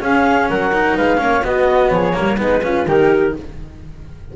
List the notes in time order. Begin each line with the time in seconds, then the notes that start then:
0.00 C#4 G#4 F5
0.50 F#3 A#4 F#5
0.73 D#4
0.97 G#3 B4 F5
1.18 A#3 C#4 C#5
1.43 B3 F#4 D#5
1.90 F3 G#4 C#5
2.13 G3 A#3 A#4
2.38 G#3 B3 D#4 B4
2.63 C#4 F4
2.87 D#3 D#4 G4 A#4